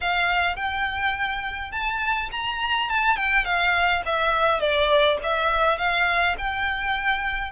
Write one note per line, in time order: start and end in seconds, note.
0.00 0.56 F5
0.56 1.71 G5
1.72 2.29 A5
2.31 2.89 A#5
2.89 3.16 A5
3.16 3.45 G5
3.45 4.02 F5
4.05 4.60 E5
4.60 5.17 D5
5.23 5.78 E5
5.78 6.35 F5
6.37 7.51 G5